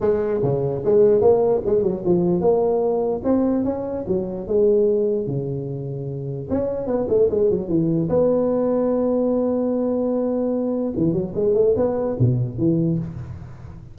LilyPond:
\new Staff \with { instrumentName = "tuba" } { \time 4/4 \tempo 4 = 148 gis4 cis4 gis4 ais4 | gis8 fis8 f4 ais2 | c'4 cis'4 fis4 gis4~ | gis4 cis2. |
cis'4 b8 a8 gis8 fis8 e4 | b1~ | b2. e8 fis8 | gis8 a8 b4 b,4 e4 | }